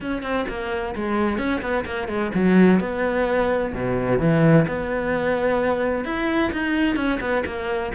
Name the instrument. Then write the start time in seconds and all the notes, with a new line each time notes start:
cello
0.00 C#4
0.22 C4
0.48 A#3
0.95 G#3
1.37 C#4
1.61 B3
1.85 A#3
2.08 G#3
2.34 F#3
2.80 B3
3.74 B2
4.19 E3
4.67 B3
6.05 E4
6.52 D#4
6.96 C#4
7.20 B3
7.45 A#3